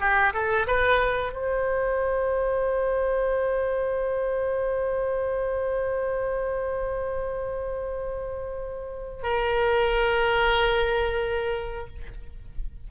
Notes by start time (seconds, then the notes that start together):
0.00 G4
0.33 A4
0.67 B4
1.32 C5
9.23 A#4